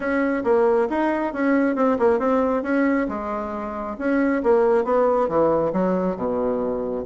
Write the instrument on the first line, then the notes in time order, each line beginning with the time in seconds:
bassoon
0.00 C#4
0.44 A#3
0.89 D#4
1.33 C#4
1.75 C4
1.98 A#3
2.19 C4
2.62 C#4
3.08 G#3
3.98 C#4
4.43 A#3
4.84 B3
5.28 E3
5.72 F#3
6.16 B2